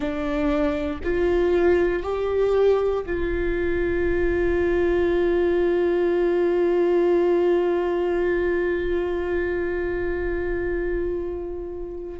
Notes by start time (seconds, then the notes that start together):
0.00 D4
1.03 F4
2.02 G4
3.06 F4